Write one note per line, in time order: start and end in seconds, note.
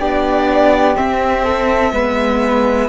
0.00 0.97 B3
0.00 0.96 D4
0.00 1.44 G4
0.00 0.97 D5
0.96 1.93 C4
0.96 1.92 C4
0.96 2.90 E5
1.44 1.93 A4
1.92 2.89 G#3
1.92 2.90 B3
1.92 2.90 B4